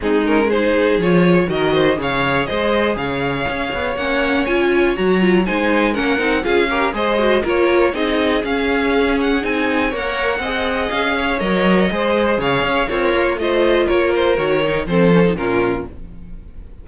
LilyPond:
<<
  \new Staff \with { instrumentName = "violin" } { \time 4/4 \tempo 4 = 121 gis'8 ais'8 c''4 cis''4 dis''4 | f''4 dis''4 f''2 | fis''4 gis''4 ais''4 gis''4 | fis''4 f''4 dis''4 cis''4 |
dis''4 f''4. fis''8 gis''4 | fis''2 f''4 dis''4~ | dis''4 f''4 cis''4 dis''4 | cis''8 c''8 cis''4 c''4 ais'4 | }
  \new Staff \with { instrumentName = "violin" } { \time 4/4 dis'4 gis'2 ais'8 c''8 | cis''4 c''4 cis''2~ | cis''2. c''4 | ais'4 gis'8 ais'8 c''4 ais'4 |
gis'1 | cis''4 dis''4. cis''4. | c''4 cis''4 f'4 c''4 | ais'2 a'4 f'4 | }
  \new Staff \with { instrumentName = "viola" } { \time 4/4 c'8 cis'8 dis'4 f'4 fis'4 | gis'1 | cis'4 f'4 fis'8 f'8 dis'4 | cis'8 dis'8 f'8 g'8 gis'8 fis'8 f'4 |
dis'4 cis'2 dis'4 | ais'4 gis'2 ais'4 | gis'2 ais'4 f'4~ | f'4 fis'8 dis'8 c'8 cis'16 dis'16 cis'4 | }
  \new Staff \with { instrumentName = "cello" } { \time 4/4 gis2 f4 dis4 | cis4 gis4 cis4 cis'8 b8 | ais4 cis'4 fis4 gis4 | ais8 c'8 cis'4 gis4 ais4 |
c'4 cis'2 c'4 | ais4 c'4 cis'4 fis4 | gis4 cis8 cis'8 c'8 ais8 a4 | ais4 dis4 f4 ais,4 | }
>>